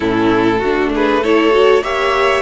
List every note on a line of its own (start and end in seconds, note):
0.00 0.61 A2
0.00 0.59 C#4
0.00 0.59 E4
0.00 0.91 A4
0.59 1.82 A3
0.59 1.23 D4
0.59 0.90 F#4
0.94 1.21 G#4
0.94 1.24 B4
1.21 1.50 E4
1.21 1.83 A4
1.21 1.83 C#5
1.50 1.81 F#4
1.82 2.41 A#3
1.82 2.41 G4
1.82 2.41 C#5
1.82 2.41 E5